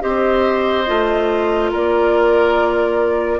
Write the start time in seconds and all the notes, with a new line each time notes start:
0.00 C4 G4 C5 D#5
0.86 A3 F4
1.71 A#3 A#4 D5